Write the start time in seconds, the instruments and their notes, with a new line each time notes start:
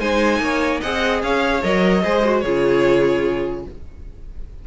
0.00 cello G#3, viola D#4, violin C5 G#5
0.39 cello A#3, violin C#5
0.81 cello C4, viola G#4, violin D#5 F#5
1.23 cello C#4, violin C#5 F5
1.63 cello F#3, viola A#4, violin D#5
2.03 cello G#3, viola G#4, violin C5
2.24 viola F#4
2.40 cello C#3, viola F4, violin G#4 C#5